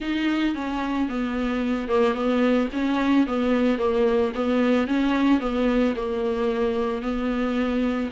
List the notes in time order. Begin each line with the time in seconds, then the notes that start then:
0.00 D#4
0.55 C#4
1.08 B3
1.88 A#3
2.14 B3
2.72 C#4
3.27 B3
3.78 A#3
4.34 B3
4.87 C#4
5.40 B3
5.96 A#3
7.01 B3